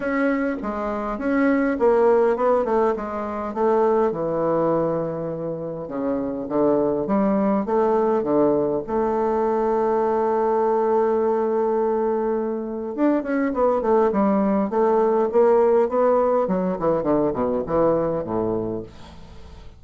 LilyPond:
\new Staff \with { instrumentName = "bassoon" } { \time 4/4 \tempo 4 = 102 cis'4 gis4 cis'4 ais4 | b8 a8 gis4 a4 e4~ | e2 cis4 d4 | g4 a4 d4 a4~ |
a1~ | a2 d'8 cis'8 b8 a8 | g4 a4 ais4 b4 | fis8 e8 d8 b,8 e4 a,4 | }